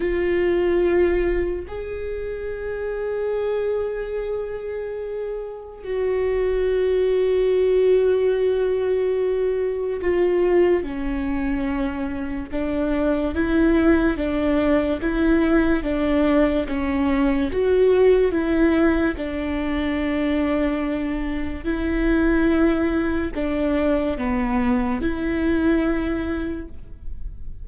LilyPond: \new Staff \with { instrumentName = "viola" } { \time 4/4 \tempo 4 = 72 f'2 gis'2~ | gis'2. fis'4~ | fis'1 | f'4 cis'2 d'4 |
e'4 d'4 e'4 d'4 | cis'4 fis'4 e'4 d'4~ | d'2 e'2 | d'4 b4 e'2 | }